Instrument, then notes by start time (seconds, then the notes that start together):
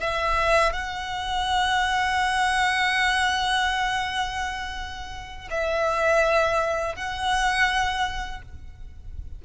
violin
0.00 E5
0.72 F#5
5.50 E5
6.95 F#5